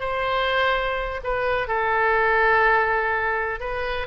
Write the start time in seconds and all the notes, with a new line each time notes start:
0.00 C5
1.24 B4
1.68 A4
3.60 B4